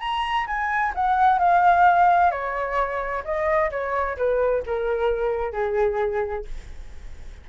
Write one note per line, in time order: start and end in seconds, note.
0.00 0.46 A#5
0.47 0.93 G#5
0.94 1.39 F#5
1.39 2.31 F5
2.31 3.23 C#5
3.24 3.70 D#5
3.70 4.17 C#5
4.17 4.63 B4
4.66 5.52 A#4
5.52 6.45 G#4